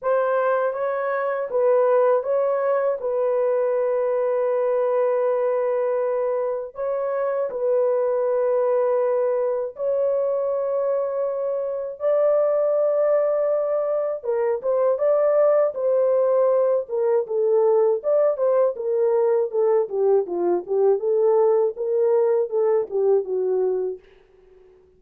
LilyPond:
\new Staff \with { instrumentName = "horn" } { \time 4/4 \tempo 4 = 80 c''4 cis''4 b'4 cis''4 | b'1~ | b'4 cis''4 b'2~ | b'4 cis''2. |
d''2. ais'8 c''8 | d''4 c''4. ais'8 a'4 | d''8 c''8 ais'4 a'8 g'8 f'8 g'8 | a'4 ais'4 a'8 g'8 fis'4 | }